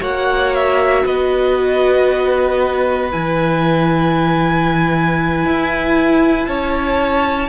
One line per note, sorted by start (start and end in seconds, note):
0.00 1.04 A#3
0.00 3.10 F#4
0.00 1.04 C#5
0.00 0.54 F#5
0.54 1.05 E5
1.04 3.12 B3
1.04 6.47 B4
1.04 3.11 D#5
3.11 5.45 E3
3.11 7.48 E4
3.11 6.46 G#5
5.45 6.47 E4
6.46 7.48 C#4
6.46 7.48 C#5
6.46 7.48 A5